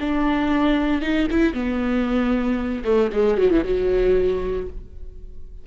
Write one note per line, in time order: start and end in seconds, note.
0.00 1.01 D4
1.01 1.27 D#4
1.31 1.54 E4
1.54 2.83 B3
2.84 3.10 A3
3.12 3.37 G#3
3.37 3.50 F#3
3.51 3.63 E3
3.63 4.67 F#3